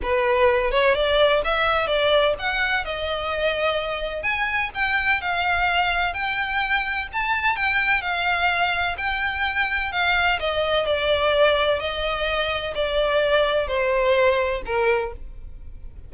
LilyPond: \new Staff \with { instrumentName = "violin" } { \time 4/4 \tempo 4 = 127 b'4. cis''8 d''4 e''4 | d''4 fis''4 dis''2~ | dis''4 gis''4 g''4 f''4~ | f''4 g''2 a''4 |
g''4 f''2 g''4~ | g''4 f''4 dis''4 d''4~ | d''4 dis''2 d''4~ | d''4 c''2 ais'4 | }